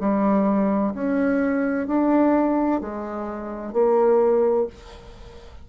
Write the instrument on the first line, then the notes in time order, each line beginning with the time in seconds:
bassoon
0.00 G3
0.95 C#4
1.87 D4
2.81 G#3
3.73 A#3